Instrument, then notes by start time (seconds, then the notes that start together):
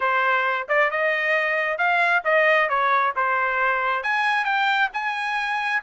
trumpet
0.00 C5
0.68 D5
0.91 D#5
1.78 F5
2.24 D#5
2.69 C#5
3.15 C5
4.03 G#5
4.45 G5
4.93 G#5